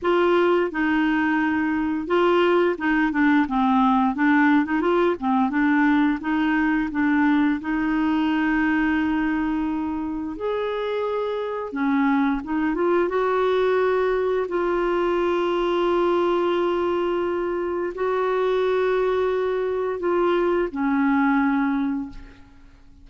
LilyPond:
\new Staff \with { instrumentName = "clarinet" } { \time 4/4 \tempo 4 = 87 f'4 dis'2 f'4 | dis'8 d'8 c'4 d'8. dis'16 f'8 c'8 | d'4 dis'4 d'4 dis'4~ | dis'2. gis'4~ |
gis'4 cis'4 dis'8 f'8 fis'4~ | fis'4 f'2.~ | f'2 fis'2~ | fis'4 f'4 cis'2 | }